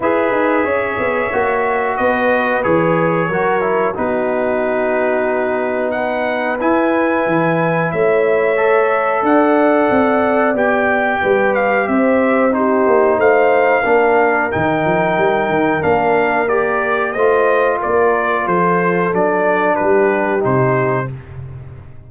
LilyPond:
<<
  \new Staff \with { instrumentName = "trumpet" } { \time 4/4 \tempo 4 = 91 e''2. dis''4 | cis''2 b'2~ | b'4 fis''4 gis''2 | e''2 fis''2 |
g''4. f''8 e''4 c''4 | f''2 g''2 | f''4 d''4 dis''4 d''4 | c''4 d''4 b'4 c''4 | }
  \new Staff \with { instrumentName = "horn" } { \time 4/4 b'4 cis''2 b'4~ | b'4 ais'4 fis'2~ | fis'4 b'2. | cis''2 d''2~ |
d''4 b'4 c''4 g'4 | c''4 ais'2.~ | ais'2 c''4 ais'4 | a'2 g'2 | }
  \new Staff \with { instrumentName = "trombone" } { \time 4/4 gis'2 fis'2 | gis'4 fis'8 e'8 dis'2~ | dis'2 e'2~ | e'4 a'2. |
g'2. dis'4~ | dis'4 d'4 dis'2 | d'4 g'4 f'2~ | f'4 d'2 dis'4 | }
  \new Staff \with { instrumentName = "tuba" } { \time 4/4 e'8 dis'8 cis'8 b8 ais4 b4 | e4 fis4 b2~ | b2 e'4 e4 | a2 d'4 c'4 |
b4 g4 c'4. ais8 | a4 ais4 dis8 f8 g8 dis8 | ais2 a4 ais4 | f4 fis4 g4 c4 | }
>>